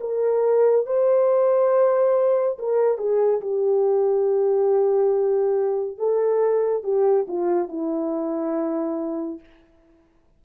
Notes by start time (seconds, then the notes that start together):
0.00 A#4
0.86 C5
2.59 A#4
2.97 G#4
3.41 G4
5.98 A4
6.83 G4
7.28 F4
7.68 E4